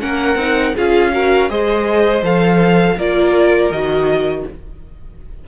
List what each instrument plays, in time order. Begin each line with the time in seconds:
0.00 cello A#3, viola C#4, violin A#4 F#5
0.35 cello C4, viola D#4
0.75 cello C#4, viola F4, violin G#4 F5
1.12 viola F#4, violin A#4
1.49 cello G#3, viola G#4, violin C5 D#5
2.22 cello F3, viola A4, violin F5
2.96 cello A#3, viola F4, violin A#4 D5
3.70 cello D#3, viola F#4, violin D#5